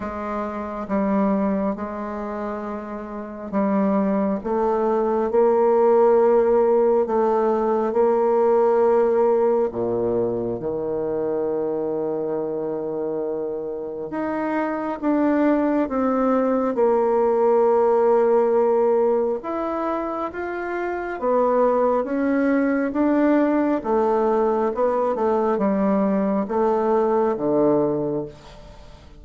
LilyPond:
\new Staff \with { instrumentName = "bassoon" } { \time 4/4 \tempo 4 = 68 gis4 g4 gis2 | g4 a4 ais2 | a4 ais2 ais,4 | dis1 |
dis'4 d'4 c'4 ais4~ | ais2 e'4 f'4 | b4 cis'4 d'4 a4 | b8 a8 g4 a4 d4 | }